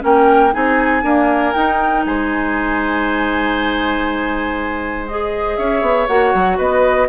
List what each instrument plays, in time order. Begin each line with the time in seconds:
0.00 bassoon A#3, clarinet C#4, oboe A#4, flute G5
0.52 bassoon C4, clarinet D#4, oboe G#4, flute G#5
1.03 clarinet A#3, bassoon D4, oboe A#4
1.53 clarinet D#4, bassoon D#4, flute G5
2.05 bassoon G#3, oboe C5, flute G#5
5.08 clarinet G#4, flute D#5
5.57 bassoon C#4, oboe C#5, flute E5
5.82 bassoon B3
6.07 bassoon A#3, clarinet F#4, flute F#5
6.35 bassoon F#3
6.58 bassoon B3, oboe B4, flute D#5